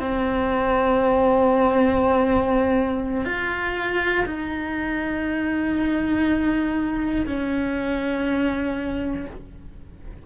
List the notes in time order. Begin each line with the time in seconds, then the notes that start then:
0.00 C4
3.25 F4
4.26 D#4
7.26 C#4